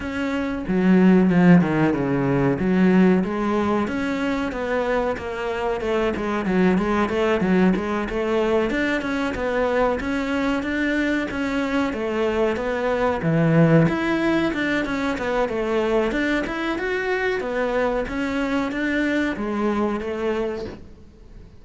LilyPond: \new Staff \with { instrumentName = "cello" } { \time 4/4 \tempo 4 = 93 cis'4 fis4 f8 dis8 cis4 | fis4 gis4 cis'4 b4 | ais4 a8 gis8 fis8 gis8 a8 fis8 | gis8 a4 d'8 cis'8 b4 cis'8~ |
cis'8 d'4 cis'4 a4 b8~ | b8 e4 e'4 d'8 cis'8 b8 | a4 d'8 e'8 fis'4 b4 | cis'4 d'4 gis4 a4 | }